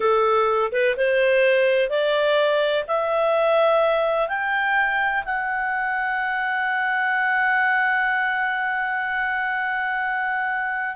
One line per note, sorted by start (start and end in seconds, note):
0.00 0.71 A4
0.72 0.95 B4
0.96 1.89 C5
1.89 2.84 D5
2.87 4.28 E5
4.28 5.23 G5
5.25 10.96 F#5